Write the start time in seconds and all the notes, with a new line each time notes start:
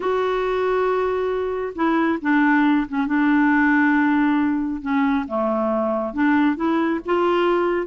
0.00 F#4
1.75 E4
2.21 D4
2.88 C#4
3.07 D4
4.81 C#4
5.27 A3
6.13 D4
6.56 E4
7.05 F4